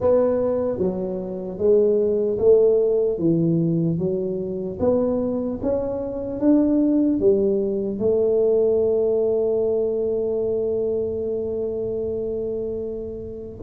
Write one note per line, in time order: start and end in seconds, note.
0.00 0.77 B3
0.77 1.57 F#3
1.57 2.37 G#3
2.38 3.18 A3
3.18 3.98 E3
3.98 4.78 F#3
4.79 5.59 B3
5.62 6.39 C#4
6.39 7.19 D4
7.19 7.99 G3
7.99 13.59 A3